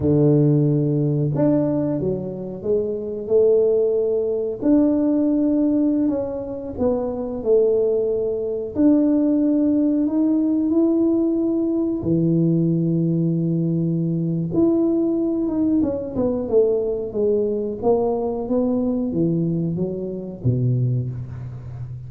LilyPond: \new Staff \with { instrumentName = "tuba" } { \time 4/4 \tempo 4 = 91 d2 d'4 fis4 | gis4 a2 d'4~ | d'4~ d'16 cis'4 b4 a8.~ | a4~ a16 d'2 dis'8.~ |
dis'16 e'2 e4.~ e16~ | e2 e'4. dis'8 | cis'8 b8 a4 gis4 ais4 | b4 e4 fis4 b,4 | }